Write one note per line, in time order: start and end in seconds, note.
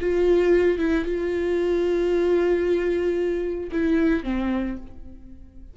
0.00 0.78 F4
0.78 1.05 E4
1.05 3.70 F4
3.72 4.23 E4
4.23 4.76 C4